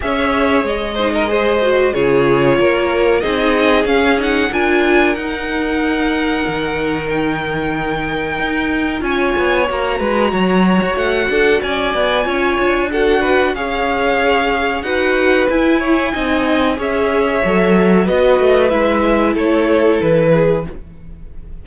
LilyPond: <<
  \new Staff \with { instrumentName = "violin" } { \time 4/4 \tempo 4 = 93 e''4 dis''2 cis''4~ | cis''4 dis''4 f''8 fis''8 gis''4 | fis''2. g''4~ | g''2 gis''4 ais''4~ |
ais''4 fis''4 gis''2 | fis''4 f''2 fis''4 | gis''2 e''2 | dis''4 e''4 cis''4 b'4 | }
  \new Staff \with { instrumentName = "violin" } { \time 4/4 cis''4. c''16 ais'16 c''4 gis'4 | ais'4 gis'2 ais'4~ | ais'1~ | ais'2 cis''4. b'8 |
cis''4. a'8 d''4 cis''4 | a'8 b'8 cis''2 b'4~ | b'8 cis''8 dis''4 cis''2 | b'2 a'4. gis'8 | }
  \new Staff \with { instrumentName = "viola" } { \time 4/4 gis'4. dis'8 gis'8 fis'8 f'4~ | f'4 dis'4 cis'8 dis'8 f'4 | dis'1~ | dis'2 f'4 fis'4~ |
fis'2. f'4 | fis'4 gis'2 fis'4 | e'4 dis'4 gis'4 a'4 | fis'4 e'2. | }
  \new Staff \with { instrumentName = "cello" } { \time 4/4 cis'4 gis2 cis4 | ais4 c'4 cis'4 d'4 | dis'2 dis2~ | dis4 dis'4 cis'8 b8 ais8 gis8 |
fis8. fis'16 a8 d'8 cis'8 b8 cis'8 d'8~ | d'4 cis'2 dis'4 | e'4 c'4 cis'4 fis4 | b8 a8 gis4 a4 e4 | }
>>